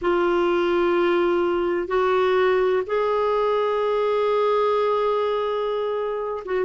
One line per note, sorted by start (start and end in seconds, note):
0.01 1.87 F4
1.87 2.83 F#4
2.86 6.43 G#4
6.45 6.64 F#4